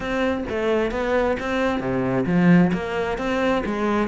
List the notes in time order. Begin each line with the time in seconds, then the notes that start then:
0.00 C4
0.49 A3
0.91 B3
1.39 C4
1.80 C3
2.26 F3
2.73 A#3
3.17 C4
3.65 G#3